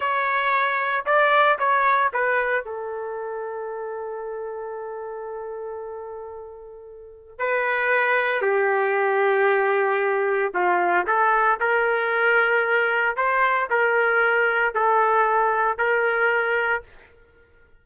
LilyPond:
\new Staff \with { instrumentName = "trumpet" } { \time 4/4 \tempo 4 = 114 cis''2 d''4 cis''4 | b'4 a'2.~ | a'1~ | a'2 b'2 |
g'1 | f'4 a'4 ais'2~ | ais'4 c''4 ais'2 | a'2 ais'2 | }